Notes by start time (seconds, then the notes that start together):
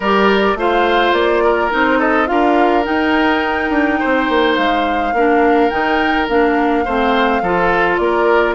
0.00 G3 G4 A#4 D5
0.54 A3 F4 C5 F5
1.12 A#3 D5
1.43 A#4
1.71 C4 D#4 C5
1.98 A4 D#5
2.26 D4 F4 A#4 F5
2.84 D#4 G5
3.70 D4
3.99 C4 C5
4.29 A#3
4.55 G#3 F5
5.12 A#3 D4 A#4
5.69 D#3 D#4 G5
6.28 A#3 D4 F5
6.85 A3 C4 C5
7.41 F3 F4 A4
7.97 A#3 A#4 D5